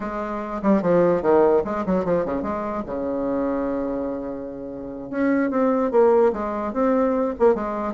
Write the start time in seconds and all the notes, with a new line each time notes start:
0.00 G#3
0.62 G3
0.82 F3
1.22 D#3
1.64 G#3
1.86 F#3
2.05 F3
2.25 C#3
2.42 G#3
2.86 C#3
5.10 C#4
5.50 C4
5.91 A#3
6.33 G#3
6.73 C4
7.39 A#3
7.55 G#3